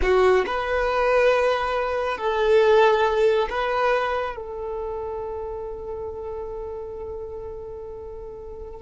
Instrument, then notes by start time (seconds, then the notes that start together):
violin
0.01 F#4
0.46 B4
2.17 A4
3.49 B4
4.36 A4